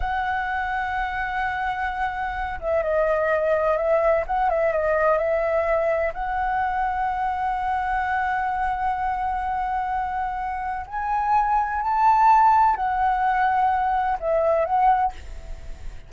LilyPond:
\new Staff \with { instrumentName = "flute" } { \time 4/4 \tempo 4 = 127 fis''1~ | fis''4. e''8 dis''2 | e''4 fis''8 e''8 dis''4 e''4~ | e''4 fis''2.~ |
fis''1~ | fis''2. gis''4~ | gis''4 a''2 fis''4~ | fis''2 e''4 fis''4 | }